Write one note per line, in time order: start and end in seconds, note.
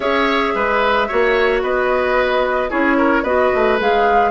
0.00 0.53 C#4
0.00 1.08 G#4
0.00 0.53 C#5
0.00 1.60 E5
0.54 1.08 G#3
0.54 1.08 B4
1.08 1.62 A#3
1.08 2.69 F#4
1.08 1.62 C#5
1.62 2.70 B3
1.62 2.69 B4
1.62 2.70 D#5
2.69 3.23 C#4
2.69 3.23 E4
2.69 2.97 G#4
2.69 3.23 C#5
2.97 3.23 A#4
3.23 3.50 B3
3.23 3.78 F#4
3.23 4.31 B4
3.23 3.77 D#5
3.54 3.80 A3
3.78 4.31 G#3
3.78 4.31 G#4
3.78 4.31 F5